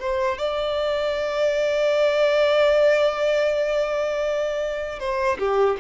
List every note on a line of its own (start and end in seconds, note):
0.00 0.38 C5
0.38 5.00 D5
5.00 5.38 C5
5.39 5.77 G4